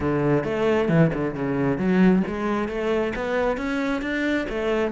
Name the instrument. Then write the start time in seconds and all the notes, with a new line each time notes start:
cello
0.00 D3
0.44 A3
0.88 E3
1.13 D3
1.34 C#3
1.78 F#3
2.27 G#3
2.68 A3
3.15 B3
3.57 C#4
4.01 D4
4.49 A3